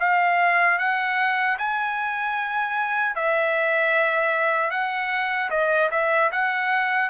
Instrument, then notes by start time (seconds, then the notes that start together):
trumpet
0.00 F5
0.79 F#5
1.58 G#5
3.16 E5
4.71 F#5
5.50 D#5
5.91 E5
6.32 F#5